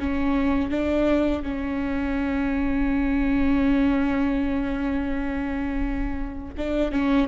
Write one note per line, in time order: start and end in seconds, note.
0.00 0.71 C#4
0.71 1.43 D4
1.43 6.55 C#4
6.57 6.92 D4
6.92 7.28 C#4